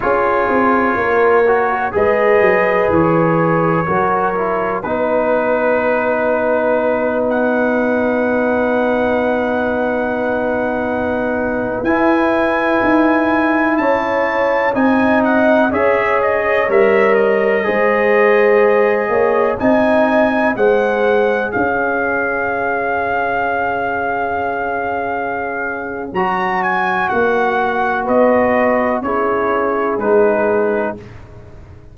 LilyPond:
<<
  \new Staff \with { instrumentName = "trumpet" } { \time 4/4 \tempo 4 = 62 cis''2 dis''4 cis''4~ | cis''4 b'2~ b'8 fis''8~ | fis''1~ | fis''16 gis''2 a''4 gis''8 fis''16~ |
fis''16 e''8 dis''8 e''8 dis''2~ dis''16~ | dis''16 gis''4 fis''4 f''4.~ f''16~ | f''2. ais''8 gis''8 | fis''4 dis''4 cis''4 b'4 | }
  \new Staff \with { instrumentName = "horn" } { \time 4/4 gis'4 ais'4 b'2 | ais'4 b'2.~ | b'1~ | b'2~ b'16 cis''4 dis''8.~ |
dis''16 cis''2 c''4. cis''16~ | cis''16 dis''4 c''4 cis''4.~ cis''16~ | cis''1~ | cis''4 b'4 gis'2 | }
  \new Staff \with { instrumentName = "trombone" } { \time 4/4 f'4. fis'8 gis'2 | fis'8 e'8 dis'2.~ | dis'1~ | dis'16 e'2. dis'8.~ |
dis'16 gis'4 ais'4 gis'4.~ gis'16~ | gis'16 dis'4 gis'2~ gis'8.~ | gis'2. fis'4~ | fis'2 e'4 dis'4 | }
  \new Staff \with { instrumentName = "tuba" } { \time 4/4 cis'8 c'8 ais4 gis8 fis8 e4 | fis4 b2.~ | b1~ | b16 e'4 dis'4 cis'4 c'8.~ |
c'16 cis'4 g4 gis4. ais16~ | ais16 c'4 gis4 cis'4.~ cis'16~ | cis'2. fis4 | ais4 b4 cis'4 gis4 | }
>>